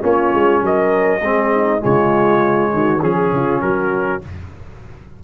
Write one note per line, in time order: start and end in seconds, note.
0.00 0.33 A#3
0.00 1.20 C#4
0.00 0.62 F4
0.00 0.64 C#5
0.34 0.61 G#3
0.61 1.21 F#3
0.61 1.21 A#4
0.61 1.83 D#5
1.21 1.81 G#3
1.21 1.79 C4
1.21 1.51 G#4
1.53 1.81 D#4
1.79 2.73 C#3
1.79 2.99 G#3
1.79 2.71 F4
1.79 3.02 C#5
2.73 3.02 D#3
2.73 3.02 F#4
3.01 3.32 F3
3.01 4.21 C#4
3.01 3.31 G#4
3.01 3.61 G#4
3.32 3.61 C#3
3.32 3.63 F4
3.61 4.21 F#3
3.61 4.23 F#4
3.61 4.21 A#4